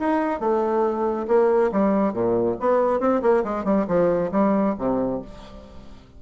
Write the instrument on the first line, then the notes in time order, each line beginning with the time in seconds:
bassoon
0.00 D#4
0.40 A3
1.28 A#3
1.72 G3
2.14 A#2
2.60 B3
3.00 C4
3.22 A#3
3.44 G#3
3.65 G3
3.88 F3
4.32 G3
4.79 C3